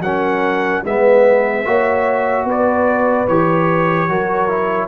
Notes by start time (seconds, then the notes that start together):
0.00 F#3 C#4 A#4 F#5
0.84 G#3 B3 B4 E5
1.65 A#3 F#4 C#5
2.45 B3 B4 D5
3.28 E3 G4 C#5
4.09 F#3 F#4 A#4
4.48 E4